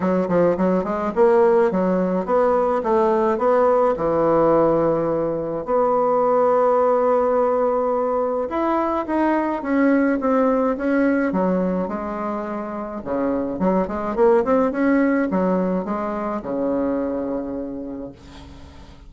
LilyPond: \new Staff \with { instrumentName = "bassoon" } { \time 4/4 \tempo 4 = 106 fis8 f8 fis8 gis8 ais4 fis4 | b4 a4 b4 e4~ | e2 b2~ | b2. e'4 |
dis'4 cis'4 c'4 cis'4 | fis4 gis2 cis4 | fis8 gis8 ais8 c'8 cis'4 fis4 | gis4 cis2. | }